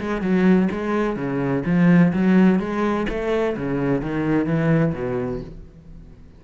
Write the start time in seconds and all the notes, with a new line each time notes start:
0.00 G#3
0.21 F#3
0.72 G#3
1.16 C#3
1.66 F3
2.13 F#3
2.59 G#3
3.09 A3
3.57 C#3
4.02 D#3
4.46 E3
4.94 B2